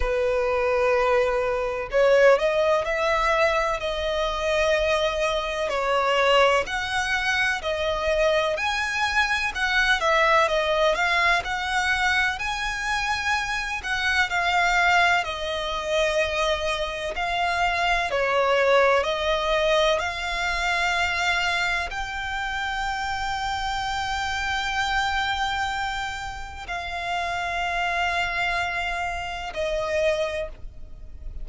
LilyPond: \new Staff \with { instrumentName = "violin" } { \time 4/4 \tempo 4 = 63 b'2 cis''8 dis''8 e''4 | dis''2 cis''4 fis''4 | dis''4 gis''4 fis''8 e''8 dis''8 f''8 | fis''4 gis''4. fis''8 f''4 |
dis''2 f''4 cis''4 | dis''4 f''2 g''4~ | g''1 | f''2. dis''4 | }